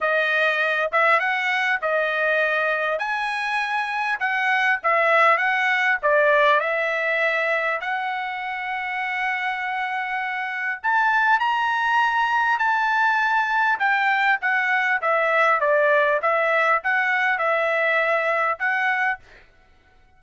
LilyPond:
\new Staff \with { instrumentName = "trumpet" } { \time 4/4 \tempo 4 = 100 dis''4. e''8 fis''4 dis''4~ | dis''4 gis''2 fis''4 | e''4 fis''4 d''4 e''4~ | e''4 fis''2.~ |
fis''2 a''4 ais''4~ | ais''4 a''2 g''4 | fis''4 e''4 d''4 e''4 | fis''4 e''2 fis''4 | }